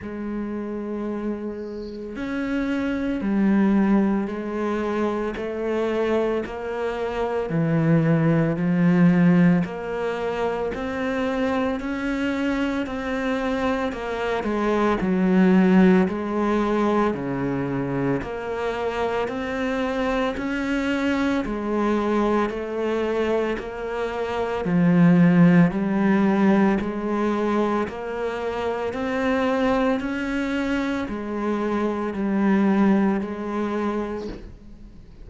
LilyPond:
\new Staff \with { instrumentName = "cello" } { \time 4/4 \tempo 4 = 56 gis2 cis'4 g4 | gis4 a4 ais4 e4 | f4 ais4 c'4 cis'4 | c'4 ais8 gis8 fis4 gis4 |
cis4 ais4 c'4 cis'4 | gis4 a4 ais4 f4 | g4 gis4 ais4 c'4 | cis'4 gis4 g4 gis4 | }